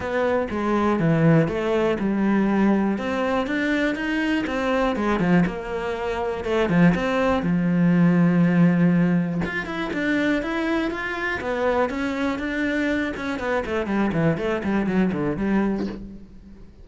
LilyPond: \new Staff \with { instrumentName = "cello" } { \time 4/4 \tempo 4 = 121 b4 gis4 e4 a4 | g2 c'4 d'4 | dis'4 c'4 gis8 f8 ais4~ | ais4 a8 f8 c'4 f4~ |
f2. f'8 e'8 | d'4 e'4 f'4 b4 | cis'4 d'4. cis'8 b8 a8 | g8 e8 a8 g8 fis8 d8 g4 | }